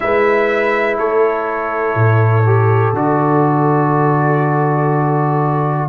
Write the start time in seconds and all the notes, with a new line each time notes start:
0.00 G#3 E4 B4 E5
0.98 A3 A4 C#5
1.95 A2
2.45 G4
2.92 D3 F#4 D5